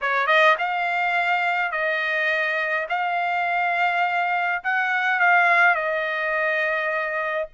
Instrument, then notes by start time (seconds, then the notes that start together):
trumpet
0.01 C#5
0.26 D#5
0.58 F5
1.71 D#5
2.89 F5
4.63 F#5
5.19 F5
5.75 D#5